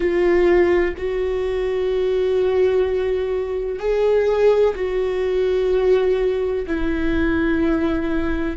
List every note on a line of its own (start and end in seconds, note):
0.00 0.94 F4
0.97 3.79 F#4
3.79 4.74 G#4
4.75 6.65 F#4
6.66 8.57 E4